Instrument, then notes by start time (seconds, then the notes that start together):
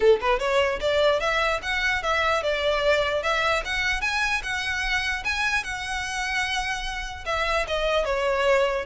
violin
0.00 A4
0.21 B4
0.39 C#5
0.80 D5
1.20 E5
1.62 F#5
2.02 E5
2.42 D5
3.23 E5
3.64 F#5
4.01 G#5
4.43 F#5
5.24 G#5
5.63 F#5
7.25 E5
7.67 D#5
8.04 C#5